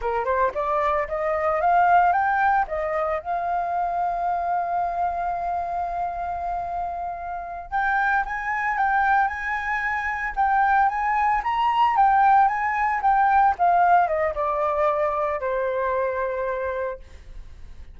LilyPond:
\new Staff \with { instrumentName = "flute" } { \time 4/4 \tempo 4 = 113 ais'8 c''8 d''4 dis''4 f''4 | g''4 dis''4 f''2~ | f''1~ | f''2~ f''8 g''4 gis''8~ |
gis''8 g''4 gis''2 g''8~ | g''8 gis''4 ais''4 g''4 gis''8~ | gis''8 g''4 f''4 dis''8 d''4~ | d''4 c''2. | }